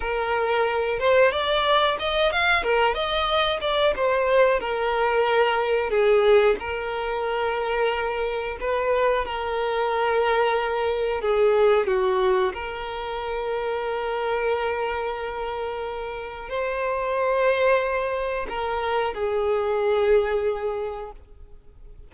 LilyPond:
\new Staff \with { instrumentName = "violin" } { \time 4/4 \tempo 4 = 91 ais'4. c''8 d''4 dis''8 f''8 | ais'8 dis''4 d''8 c''4 ais'4~ | ais'4 gis'4 ais'2~ | ais'4 b'4 ais'2~ |
ais'4 gis'4 fis'4 ais'4~ | ais'1~ | ais'4 c''2. | ais'4 gis'2. | }